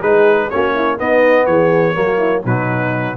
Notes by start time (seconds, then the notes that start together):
0.00 G#3 D#4 G#4 B4
0.50 A#3 C#4 F#4 C#5
0.75 E4
0.98 B3 D#4 D#5
1.46 E3 G#4 C#5
1.94 F#3 A#3 F#4
2.18 E4
2.45 B2 F#3 D#4 B4